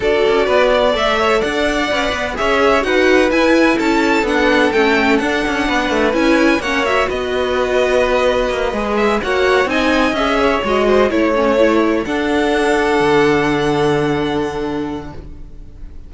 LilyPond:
<<
  \new Staff \with { instrumentName = "violin" } { \time 4/4 \tempo 4 = 127 d''2 e''4 fis''4~ | fis''4 e''4 fis''4 gis''4 | a''4 fis''4 g''4 fis''4~ | fis''4 gis''4 fis''8 e''8 dis''4~ |
dis''2. e''8 fis''8~ | fis''8 gis''4 e''4 dis''4 cis''8~ | cis''4. fis''2~ fis''8~ | fis''1 | }
  \new Staff \with { instrumentName = "violin" } { \time 4/4 a'4 b'8 d''4 cis''8 d''4~ | d''4 cis''4 b'2 | a'1 | b'2 cis''4 b'4~ |
b'2.~ b'8 cis''8~ | cis''8 dis''4. cis''4 c''8 cis''8~ | cis''4. a'2~ a'8~ | a'1 | }
  \new Staff \with { instrumentName = "viola" } { \time 4/4 fis'2 a'2 | b'4 gis'4 fis'4 e'4~ | e'4 d'4 cis'4 d'4~ | d'4 e'4 cis'8 fis'4.~ |
fis'2~ fis'8 gis'4 fis'8~ | fis'8 dis'4 gis'4 fis'4 e'8 | cis'8 e'4 d'2~ d'8~ | d'1 | }
  \new Staff \with { instrumentName = "cello" } { \time 4/4 d'8 cis'8 b4 a4 d'4 | cis'8 b8 cis'4 dis'4 e'4 | cis'4 b4 a4 d'8 cis'8 | b8 a8 cis'4 ais4 b4~ |
b2 ais8 gis4 ais8~ | ais8 c'4 cis'4 gis4 a8~ | a4. d'2 d8~ | d1 | }
>>